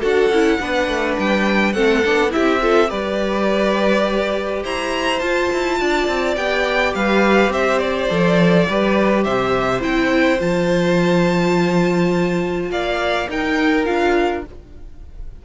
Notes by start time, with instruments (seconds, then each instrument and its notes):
0.00 cello D4, viola F#4, violin A4 F#5
0.29 cello C#4, viola E4
0.60 cello B3, viola D4, violin B4
0.87 cello A3
1.18 cello G3, violin G5
1.73 cello A3, viola C4, violin A4 F#5
2.04 cello B3, viola D4
2.29 viola E4, violin G4 E5
2.36 cello C4
2.61 viola F4, violin A4
2.87 cello G3, viola G4, violin B4 D5
4.63 cello E4, violin C5 A#5
5.19 cello F4, viola F4, violin A5
5.52 cello E4
5.80 cello D4, violin D5
6.07 cello C4
6.36 cello B3, viola G4, violin G5
6.94 cello G3, violin B4 F5
7.48 cello C4, violin C5 E5
7.79 violin D5
8.09 cello F3, viola A4
8.68 cello G3, viola G4, violin B4
9.23 cello C3, violin C5 E5
9.80 cello C4, viola E4, violin G5
10.38 cello F3, viola F4, violin A5
12.70 cello A#3, violin D5 F5
13.29 cello D#4, viola D#4, violin A#4 G5
13.85 cello D4, viola F4, violin F5